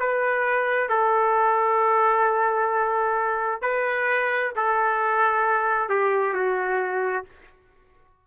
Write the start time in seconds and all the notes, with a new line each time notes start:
0.00 B4
0.89 A4
3.62 B4
4.56 A4
5.89 G4
6.34 F#4